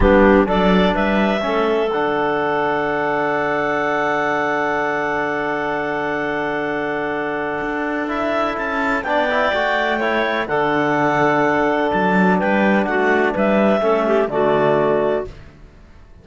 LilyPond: <<
  \new Staff \with { instrumentName = "clarinet" } { \time 4/4 \tempo 4 = 126 g'4 d''4 e''2 | fis''1~ | fis''1~ | fis''1~ |
fis''4 e''4 a''4 g''4~ | g''2 fis''2~ | fis''4 a''4 g''4 fis''4 | e''2 d''2 | }
  \new Staff \with { instrumentName = "clarinet" } { \time 4/4 d'4 a'4 b'4 a'4~ | a'1~ | a'1~ | a'1~ |
a'2. d''4~ | d''4 cis''4 a'2~ | a'2 b'4 fis'4 | b'4 a'8 g'8 fis'2 | }
  \new Staff \with { instrumentName = "trombone" } { \time 4/4 b4 d'2 cis'4 | d'1~ | d'1~ | d'1~ |
d'4 e'2 d'8 e'8 | fis'4 e'4 d'2~ | d'1~ | d'4 cis'4 a2 | }
  \new Staff \with { instrumentName = "cello" } { \time 4/4 g4 fis4 g4 a4 | d1~ | d1~ | d1 |
d'2 cis'4 b4 | a2 d2~ | d4 fis4 g4 a4 | g4 a4 d2 | }
>>